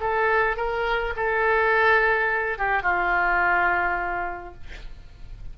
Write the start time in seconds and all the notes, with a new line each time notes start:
0.00 A4
0.56 A#4
1.16 A4
2.58 G4
2.82 F4